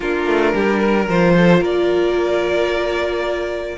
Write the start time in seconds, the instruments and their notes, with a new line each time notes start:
0.00 cello A#3, viola D4, violin F4 A#4
0.26 cello A3
0.53 cello G3, violin G4
0.79 violin A#4
1.08 cello F3, viola F4, violin C5
1.36 violin A4
1.60 cello A#3, violin A#4 D5